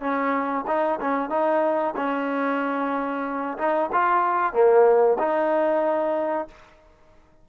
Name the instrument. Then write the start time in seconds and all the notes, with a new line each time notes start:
trombone
0.00 C#4
0.67 D#4
1.01 C#4
1.29 D#4
1.96 C#4
3.58 D#4
3.92 F4
4.53 A#3
5.18 D#4